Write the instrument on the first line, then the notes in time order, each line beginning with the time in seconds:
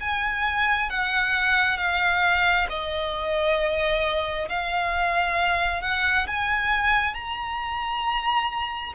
violin
0.00 G#5
0.90 F#5
1.77 F5
2.69 D#5
4.49 F5
5.82 F#5
6.27 G#5
7.14 A#5